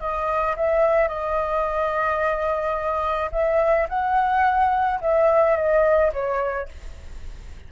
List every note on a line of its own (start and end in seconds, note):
0.00 0.56 D#5
0.56 1.08 E5
1.08 3.30 D#5
3.32 3.88 E5
3.89 5.00 F#5
5.01 5.57 E5
5.57 6.12 D#5
6.13 6.68 C#5